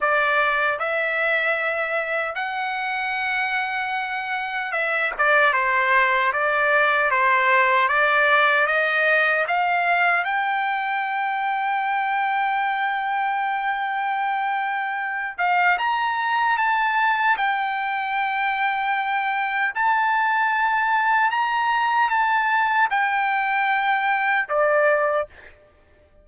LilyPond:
\new Staff \with { instrumentName = "trumpet" } { \time 4/4 \tempo 4 = 76 d''4 e''2 fis''4~ | fis''2 e''8 d''8 c''4 | d''4 c''4 d''4 dis''4 | f''4 g''2.~ |
g''2.~ g''8 f''8 | ais''4 a''4 g''2~ | g''4 a''2 ais''4 | a''4 g''2 d''4 | }